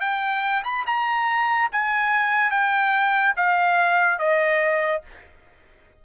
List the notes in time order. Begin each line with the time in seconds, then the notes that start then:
0.00 G5
0.64 B5
0.86 A#5
1.72 G#5
2.50 G5
3.36 F5
4.18 D#5